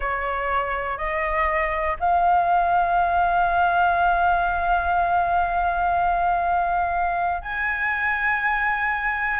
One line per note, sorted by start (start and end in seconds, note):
0.00 0.97 C#5
0.97 1.96 D#5
1.99 7.42 F5
7.42 9.40 G#5